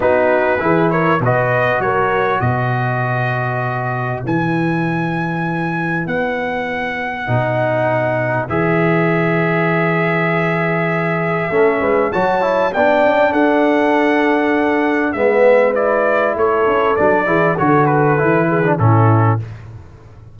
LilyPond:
<<
  \new Staff \with { instrumentName = "trumpet" } { \time 4/4 \tempo 4 = 99 b'4. cis''8 dis''4 cis''4 | dis''2. gis''4~ | gis''2 fis''2~ | fis''2 e''2~ |
e''1 | a''4 g''4 fis''2~ | fis''4 e''4 d''4 cis''4 | d''4 cis''8 b'4. a'4 | }
  \new Staff \with { instrumentName = "horn" } { \time 4/4 fis'4 gis'8 ais'8 b'4 ais'4 | b'1~ | b'1~ | b'1~ |
b'2. a'8 b'8 | cis''4 d''4 a'2~ | a'4 b'2 a'4~ | a'8 gis'8 a'4. gis'8 e'4 | }
  \new Staff \with { instrumentName = "trombone" } { \time 4/4 dis'4 e'4 fis'2~ | fis'2. e'4~ | e'1 | dis'2 gis'2~ |
gis'2. cis'4 | fis'8 e'8 d'2.~ | d'4 b4 e'2 | d'8 e'8 fis'4 e'8. d'16 cis'4 | }
  \new Staff \with { instrumentName = "tuba" } { \time 4/4 b4 e4 b,4 fis4 | b,2. e4~ | e2 b2 | b,2 e2~ |
e2. a8 gis8 | fis4 b8 cis'8 d'2~ | d'4 gis2 a8 cis'8 | fis8 e8 d4 e4 a,4 | }
>>